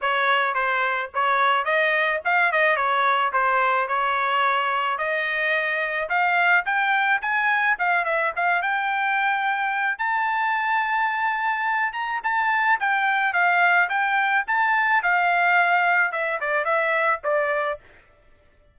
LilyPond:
\new Staff \with { instrumentName = "trumpet" } { \time 4/4 \tempo 4 = 108 cis''4 c''4 cis''4 dis''4 | f''8 dis''8 cis''4 c''4 cis''4~ | cis''4 dis''2 f''4 | g''4 gis''4 f''8 e''8 f''8 g''8~ |
g''2 a''2~ | a''4. ais''8 a''4 g''4 | f''4 g''4 a''4 f''4~ | f''4 e''8 d''8 e''4 d''4 | }